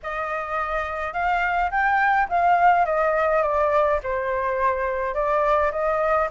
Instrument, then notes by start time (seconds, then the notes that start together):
flute
0.02 D#5
1.13 F5
1.71 G5
2.29 F5
2.85 D#5
3.42 D5
4.03 C5
5.14 D5
5.71 D#5